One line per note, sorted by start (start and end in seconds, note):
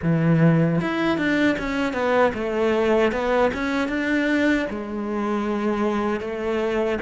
0.02 0.80 E3
0.81 1.17 E4
1.17 1.56 D4
1.58 1.93 C#4
1.93 2.32 B3
2.34 3.12 A3
3.12 3.51 B3
3.53 3.88 C#4
3.88 4.66 D4
4.70 6.20 G#3
6.20 6.98 A3